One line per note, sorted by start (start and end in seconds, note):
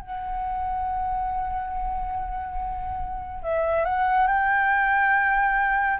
0.00 3.43 F#5
3.43 3.85 E5
3.85 4.27 F#5
4.27 5.98 G5